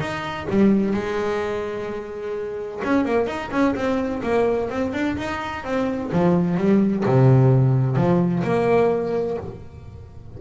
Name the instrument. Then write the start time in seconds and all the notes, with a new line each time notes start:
double bass
0.00 D#4
0.49 G3
0.94 G#3
2.84 C#4
3.05 A#3
3.27 D#4
3.51 C#4
3.75 C4
4.23 A#3
4.70 C4
4.93 D4
5.17 D#4
5.64 C4
6.12 F3
6.57 G3
7.06 C3
7.96 F3
8.44 A#3